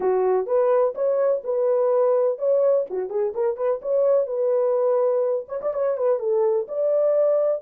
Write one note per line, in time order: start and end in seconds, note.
0.00 0.46 F#4
0.46 0.94 B4
0.94 1.42 C#5
1.44 2.38 B4
2.38 2.85 C#5
2.90 3.09 F#4
3.09 3.33 G#4
3.34 3.56 A#4
3.56 3.80 B4
3.82 4.26 C#5
4.26 5.45 B4
5.48 5.60 C#5
5.61 5.73 D5
5.73 5.97 C#5
5.97 6.19 B4
6.19 6.66 A4
6.68 7.61 D5